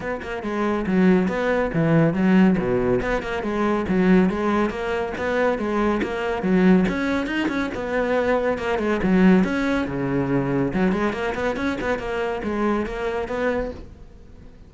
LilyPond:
\new Staff \with { instrumentName = "cello" } { \time 4/4 \tempo 4 = 140 b8 ais8 gis4 fis4 b4 | e4 fis4 b,4 b8 ais8 | gis4 fis4 gis4 ais4 | b4 gis4 ais4 fis4 |
cis'4 dis'8 cis'8 b2 | ais8 gis8 fis4 cis'4 cis4~ | cis4 fis8 gis8 ais8 b8 cis'8 b8 | ais4 gis4 ais4 b4 | }